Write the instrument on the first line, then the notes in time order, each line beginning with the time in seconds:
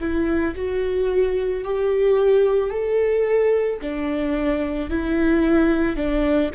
viola
0.00 E4
0.56 F#4
1.64 G4
2.70 A4
3.81 D4
4.90 E4
5.96 D4